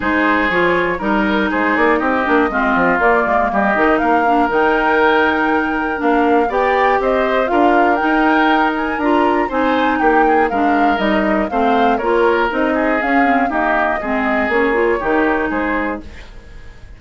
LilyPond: <<
  \new Staff \with { instrumentName = "flute" } { \time 4/4 \tempo 4 = 120 c''4 cis''4 ais'4 c''8 d''8 | dis''2 d''4 dis''4 | f''4 g''2. | f''4 g''4 dis''4 f''4 |
g''4. gis''8 ais''4 gis''4 | g''4 f''4 dis''4 f''4 | cis''4 dis''4 f''4 dis''4~ | dis''4 cis''2 c''4 | }
  \new Staff \with { instrumentName = "oboe" } { \time 4/4 gis'2 ais'4 gis'4 | g'4 f'2 g'4 | ais'1~ | ais'4 d''4 c''4 ais'4~ |
ais'2. c''4 | g'8 gis'8 ais'2 c''4 | ais'4. gis'4. g'4 | gis'2 g'4 gis'4 | }
  \new Staff \with { instrumentName = "clarinet" } { \time 4/4 dis'4 f'4 dis'2~ | dis'8 d'8 c'4 ais4. dis'8~ | dis'8 d'8 dis'2. | d'4 g'2 f'4 |
dis'2 f'4 dis'4~ | dis'4 d'4 dis'4 c'4 | f'4 dis'4 cis'8 c'8 ais4 | c'4 cis'8 f'8 dis'2 | }
  \new Staff \with { instrumentName = "bassoon" } { \time 4/4 gis4 f4 g4 gis8 ais8 | c'8 ais8 gis8 f8 ais8 gis8 g8 dis8 | ais4 dis2. | ais4 b4 c'4 d'4 |
dis'2 d'4 c'4 | ais4 gis4 g4 a4 | ais4 c'4 cis'4 dis'4 | gis4 ais4 dis4 gis4 | }
>>